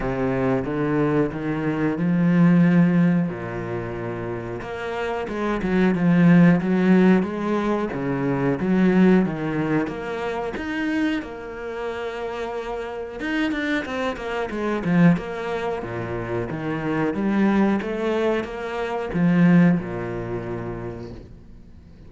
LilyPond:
\new Staff \with { instrumentName = "cello" } { \time 4/4 \tempo 4 = 91 c4 d4 dis4 f4~ | f4 ais,2 ais4 | gis8 fis8 f4 fis4 gis4 | cis4 fis4 dis4 ais4 |
dis'4 ais2. | dis'8 d'8 c'8 ais8 gis8 f8 ais4 | ais,4 dis4 g4 a4 | ais4 f4 ais,2 | }